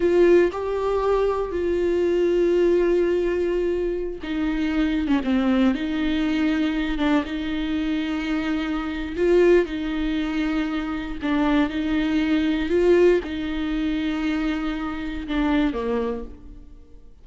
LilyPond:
\new Staff \with { instrumentName = "viola" } { \time 4/4 \tempo 4 = 118 f'4 g'2 f'4~ | f'1~ | f'16 dis'4.~ dis'16 cis'16 c'4 dis'8.~ | dis'4.~ dis'16 d'8 dis'4.~ dis'16~ |
dis'2 f'4 dis'4~ | dis'2 d'4 dis'4~ | dis'4 f'4 dis'2~ | dis'2 d'4 ais4 | }